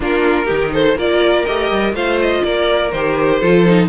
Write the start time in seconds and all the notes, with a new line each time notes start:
0.00 A#3 D4 F4 A#4
0.45 D#3 D#4 G4
0.72 A4 C5
0.95 A#3 F4 A#4 D5
1.45 A3 G4 D#5
1.70 G3
1.93 A3 F4 C5 F5
2.21 D#5
2.43 A#3 A#4 D5
2.91 D#3 G4 C5
3.39 F3 F4 A4
3.66 D#4